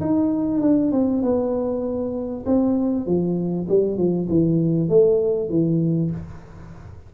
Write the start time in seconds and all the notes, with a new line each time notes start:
0.00 D#4
0.61 D4
0.92 C4
1.22 B3
2.46 C4
3.06 F3
3.68 G3
3.97 F3
4.29 E3
4.88 A3
5.49 E3